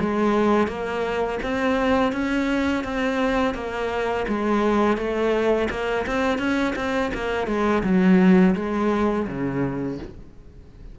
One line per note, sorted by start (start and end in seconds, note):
0.00 0.68 G#3
0.68 1.39 A#3
1.43 2.13 C4
2.13 2.84 C#4
2.84 3.55 C4
3.55 4.26 A#3
4.28 4.97 G#3
4.97 5.69 A3
5.70 6.06 A#3
6.06 6.39 C4
6.39 6.74 C#4
6.76 7.12 C4
7.14 7.47 A#3
7.47 7.83 G#3
7.83 8.55 F#3
8.56 9.27 G#3
9.27 9.99 C#3